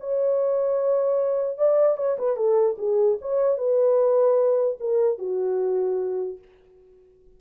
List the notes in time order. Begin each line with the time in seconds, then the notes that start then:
0.00 C#5
1.57 D5
1.97 C#5
2.18 B4
2.36 A4
2.78 G#4
3.21 C#5
3.57 B4
4.80 A#4
5.18 F#4